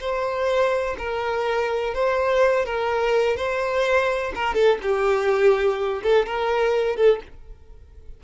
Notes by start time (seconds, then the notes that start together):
0.00 C5
0.98 A#4
1.94 C5
2.65 A#4
3.36 C5
4.35 A#4
4.54 A4
4.82 G4
6.03 A4
6.26 A#4
6.96 A4